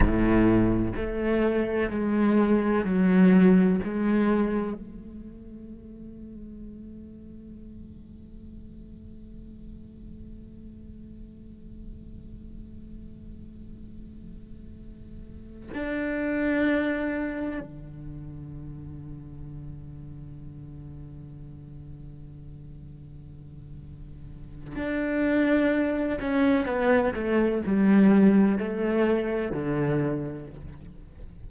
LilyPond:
\new Staff \with { instrumentName = "cello" } { \time 4/4 \tempo 4 = 63 a,4 a4 gis4 fis4 | gis4 a2.~ | a1~ | a1~ |
a8 d'2 d4.~ | d1~ | d2 d'4. cis'8 | b8 a8 g4 a4 d4 | }